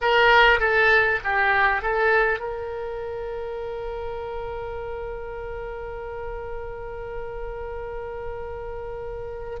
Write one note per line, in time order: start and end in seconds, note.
0.01 0.59 A#4
0.59 1.19 A4
1.24 1.82 G4
1.82 2.39 A4
2.39 9.59 A#4